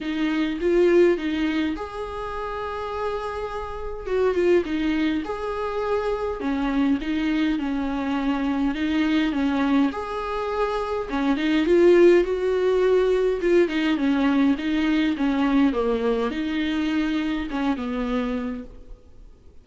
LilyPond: \new Staff \with { instrumentName = "viola" } { \time 4/4 \tempo 4 = 103 dis'4 f'4 dis'4 gis'4~ | gis'2. fis'8 f'8 | dis'4 gis'2 cis'4 | dis'4 cis'2 dis'4 |
cis'4 gis'2 cis'8 dis'8 | f'4 fis'2 f'8 dis'8 | cis'4 dis'4 cis'4 ais4 | dis'2 cis'8 b4. | }